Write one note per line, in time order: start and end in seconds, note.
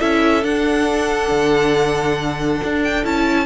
0.00 0.44 C#4
0.00 0.43 E4
0.00 3.46 A4
0.00 0.44 E5
0.43 3.04 D4
0.43 1.31 D4
0.43 2.83 F#5
1.31 2.61 D3
2.64 3.05 D4
2.84 3.05 G5
3.04 3.46 C#4
3.04 3.46 E4
3.04 3.46 A5